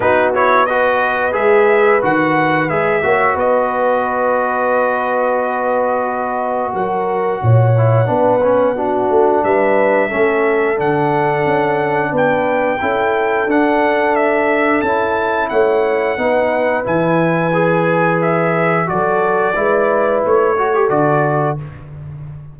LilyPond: <<
  \new Staff \with { instrumentName = "trumpet" } { \time 4/4 \tempo 4 = 89 b'8 cis''8 dis''4 e''4 fis''4 | e''4 dis''2.~ | dis''2 fis''2~ | fis''2 e''2 |
fis''2 g''2 | fis''4 e''4 a''4 fis''4~ | fis''4 gis''2 e''4 | d''2 cis''4 d''4 | }
  \new Staff \with { instrumentName = "horn" } { \time 4/4 fis'4 b'2.~ | b'8 cis''8 b'2.~ | b'2 ais'4 cis''4 | b'4 fis'4 b'4 a'4~ |
a'2 b'4 a'4~ | a'2. cis''4 | b'1 | a'4 b'4. a'4. | }
  \new Staff \with { instrumentName = "trombone" } { \time 4/4 dis'8 e'8 fis'4 gis'4 fis'4 | gis'8 fis'2.~ fis'8~ | fis'2.~ fis'8 e'8 | d'8 cis'8 d'2 cis'4 |
d'2. e'4 | d'2 e'2 | dis'4 e'4 gis'2 | fis'4 e'4. fis'16 g'16 fis'4 | }
  \new Staff \with { instrumentName = "tuba" } { \time 4/4 b2 gis4 dis4 | gis8 ais8 b2.~ | b2 fis4 ais,4 | b4. a8 g4 a4 |
d4 cis'4 b4 cis'4 | d'2 cis'4 a4 | b4 e2. | fis4 gis4 a4 d4 | }
>>